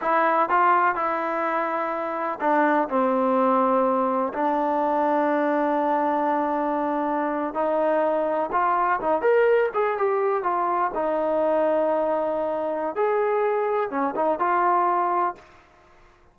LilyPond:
\new Staff \with { instrumentName = "trombone" } { \time 4/4 \tempo 4 = 125 e'4 f'4 e'2~ | e'4 d'4 c'2~ | c'4 d'2.~ | d'2.~ d'8. dis'16~ |
dis'4.~ dis'16 f'4 dis'8 ais'8.~ | ais'16 gis'8 g'4 f'4 dis'4~ dis'16~ | dis'2. gis'4~ | gis'4 cis'8 dis'8 f'2 | }